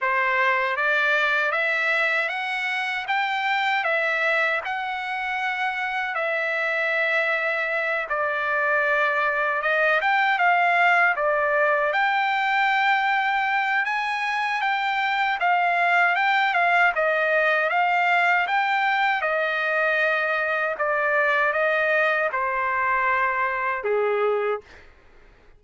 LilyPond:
\new Staff \with { instrumentName = "trumpet" } { \time 4/4 \tempo 4 = 78 c''4 d''4 e''4 fis''4 | g''4 e''4 fis''2 | e''2~ e''8 d''4.~ | d''8 dis''8 g''8 f''4 d''4 g''8~ |
g''2 gis''4 g''4 | f''4 g''8 f''8 dis''4 f''4 | g''4 dis''2 d''4 | dis''4 c''2 gis'4 | }